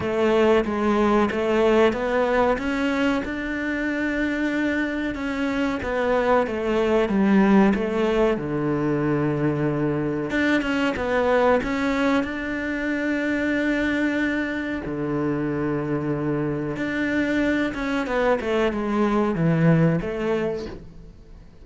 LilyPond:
\new Staff \with { instrumentName = "cello" } { \time 4/4 \tempo 4 = 93 a4 gis4 a4 b4 | cis'4 d'2. | cis'4 b4 a4 g4 | a4 d2. |
d'8 cis'8 b4 cis'4 d'4~ | d'2. d4~ | d2 d'4. cis'8 | b8 a8 gis4 e4 a4 | }